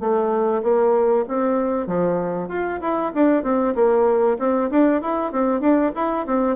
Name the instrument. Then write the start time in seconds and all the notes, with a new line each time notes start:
bassoon
0.00 A3
0.63 A#3
1.28 C4
1.87 F3
2.49 F4
2.81 E4
3.15 D4
3.43 C4
3.76 A#3
4.39 C4
4.70 D4
5.02 E4
5.32 C4
5.61 D4
5.95 E4
6.27 C4